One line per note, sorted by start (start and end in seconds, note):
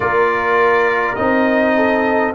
0.00 1.17 A#3
0.00 1.16 F4
0.00 1.76 A#4
0.00 1.15 D5
1.15 2.34 C4
1.15 2.34 D#4
1.15 2.33 D#5
1.76 2.34 A4